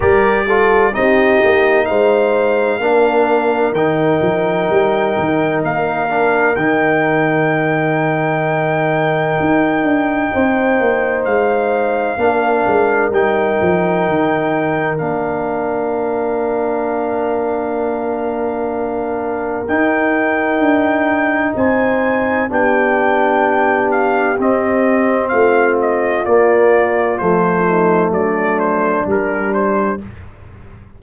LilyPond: <<
  \new Staff \with { instrumentName = "trumpet" } { \time 4/4 \tempo 4 = 64 d''4 dis''4 f''2 | g''2 f''4 g''4~ | g''1 | f''2 g''2 |
f''1~ | f''4 g''2 gis''4 | g''4. f''8 dis''4 f''8 dis''8 | d''4 c''4 d''8 c''8 ais'8 c''8 | }
  \new Staff \with { instrumentName = "horn" } { \time 4/4 ais'8 a'8 g'4 c''4 ais'4~ | ais'1~ | ais'2. c''4~ | c''4 ais'2.~ |
ais'1~ | ais'2. c''4 | g'2. f'4~ | f'4. dis'8 d'2 | }
  \new Staff \with { instrumentName = "trombone" } { \time 4/4 g'8 f'8 dis'2 d'4 | dis'2~ dis'8 d'8 dis'4~ | dis'1~ | dis'4 d'4 dis'2 |
d'1~ | d'4 dis'2. | d'2 c'2 | ais4 a2 g4 | }
  \new Staff \with { instrumentName = "tuba" } { \time 4/4 g4 c'8 ais8 gis4 ais4 | dis8 f8 g8 dis8 ais4 dis4~ | dis2 dis'8 d'8 c'8 ais8 | gis4 ais8 gis8 g8 f8 dis4 |
ais1~ | ais4 dis'4 d'4 c'4 | b2 c'4 a4 | ais4 f4 fis4 g4 | }
>>